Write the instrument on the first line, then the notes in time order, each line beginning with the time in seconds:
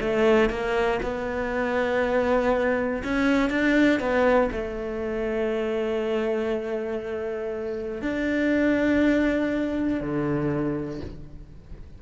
cello
0.00 A3
0.50 A#3
1.02 B3
3.04 C#4
3.49 D4
4.00 B3
4.52 A3
8.01 D4
10.00 D3